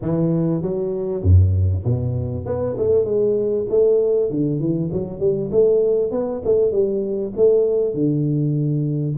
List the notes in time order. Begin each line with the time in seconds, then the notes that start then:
0.01 E3
0.62 F#3
1.22 F#2
1.84 B2
2.45 B3
2.77 A3
3.04 G#3
3.69 A3
4.30 D3
4.59 E3
4.92 F#3
5.19 G3
5.51 A3
6.11 B3
6.45 A3
6.71 G3
7.36 A3
7.94 D3